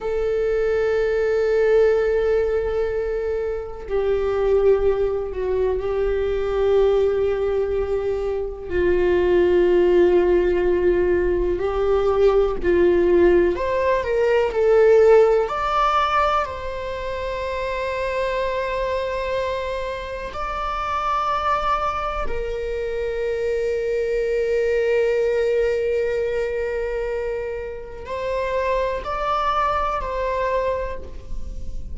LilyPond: \new Staff \with { instrumentName = "viola" } { \time 4/4 \tempo 4 = 62 a'1 | g'4. fis'8 g'2~ | g'4 f'2. | g'4 f'4 c''8 ais'8 a'4 |
d''4 c''2.~ | c''4 d''2 ais'4~ | ais'1~ | ais'4 c''4 d''4 c''4 | }